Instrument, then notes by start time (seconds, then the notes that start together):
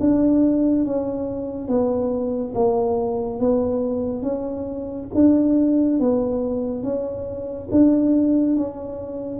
tuba
0.00 D4
0.85 C#4
1.68 B3
2.55 A#3
3.40 B3
4.22 C#4
5.14 D4
6.00 B3
6.83 C#4
7.71 D4
8.56 C#4